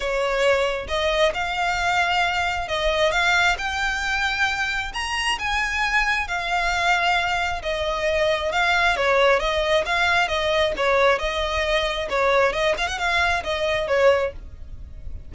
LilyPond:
\new Staff \with { instrumentName = "violin" } { \time 4/4 \tempo 4 = 134 cis''2 dis''4 f''4~ | f''2 dis''4 f''4 | g''2. ais''4 | gis''2 f''2~ |
f''4 dis''2 f''4 | cis''4 dis''4 f''4 dis''4 | cis''4 dis''2 cis''4 | dis''8 f''16 fis''16 f''4 dis''4 cis''4 | }